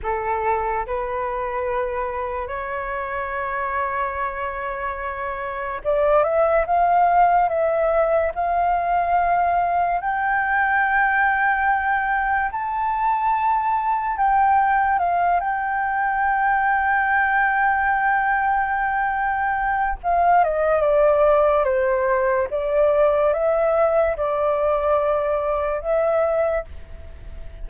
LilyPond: \new Staff \with { instrumentName = "flute" } { \time 4/4 \tempo 4 = 72 a'4 b'2 cis''4~ | cis''2. d''8 e''8 | f''4 e''4 f''2 | g''2. a''4~ |
a''4 g''4 f''8 g''4.~ | g''1 | f''8 dis''8 d''4 c''4 d''4 | e''4 d''2 e''4 | }